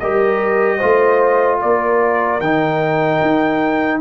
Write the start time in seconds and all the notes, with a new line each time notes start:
0.00 G3 G4 A#4 D#5
0.77 A3 F4 C5
1.61 A#3 A#4 D5
2.40 D#3 D#4 G5
3.22 D#4